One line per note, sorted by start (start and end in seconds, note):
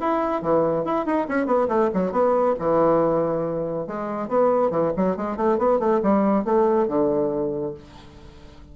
0.00 0.42 E4
0.42 0.85 E3
0.85 1.06 E4
1.06 1.27 D#4
1.28 1.46 C#4
1.46 1.68 B3
1.68 1.90 A3
1.94 2.12 F#3
2.12 2.55 B3
2.59 3.87 E3
3.87 4.28 G#3
4.28 4.70 B3
4.70 4.92 E3
4.96 5.16 F#3
5.16 5.36 G#3
5.36 5.58 A3
5.58 5.79 B3
5.79 6.01 A3
6.03 6.44 G3
6.44 6.88 A3
6.88 7.74 D3